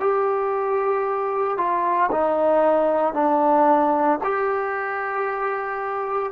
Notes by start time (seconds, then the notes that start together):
0.00 G4
1.57 F4
2.11 D#4
3.14 D4
4.24 G4